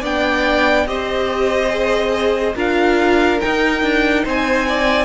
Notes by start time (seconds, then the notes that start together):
0.00 B3 D4 D5 G5
0.86 C4 G4 C5 D#5
1.70 G#4
2.55 D4 F4 A#4 F5
3.40 D#4 G5
3.82 D4
4.24 C4 C5 G#5
4.68 D5